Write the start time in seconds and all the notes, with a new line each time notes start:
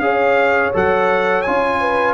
0.00 C#4 G#4 C#5 F5
0.74 F#3 A4 F#5
1.42 C#4 F4 G#5
1.80 B4